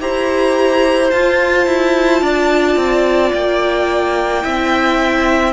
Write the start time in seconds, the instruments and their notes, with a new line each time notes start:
0.00 cello E4, viola G4, violin C5 A#5
1.10 viola F4, cello F4, violin A5
1.66 cello E4
2.21 cello D4, violin D5
2.76 cello C4
3.33 cello A#3, violin G5
4.42 cello C4, viola E4, violin E5